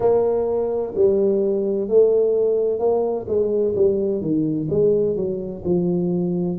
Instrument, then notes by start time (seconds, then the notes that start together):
tuba
0.00 A#3
0.95 G3
1.88 A3
2.79 A#3
3.28 G#3
3.75 G3
4.21 D#3
4.70 G#3
5.16 F#3
5.65 F3